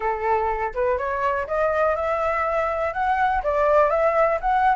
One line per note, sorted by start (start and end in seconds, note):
0.00 0.73 A4
0.73 0.98 B4
0.98 1.46 C#5
1.47 1.95 D#5
1.95 2.93 E5
2.93 3.41 F#5
3.43 3.90 D5
3.90 4.39 E5
4.40 4.76 F#5